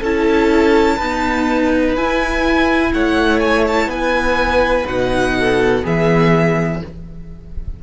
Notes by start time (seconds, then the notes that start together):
0.00 C#4 E4 A4 A5
0.95 D#4 B4
1.02 B3
1.96 E4 G#5
2.93 A3 C#5 F#5
3.40 G#5
3.67 A5
3.86 B3 B4 G#5
4.84 B2 D#4 F#5
5.39 A4
5.83 E3 B3 G#4 E5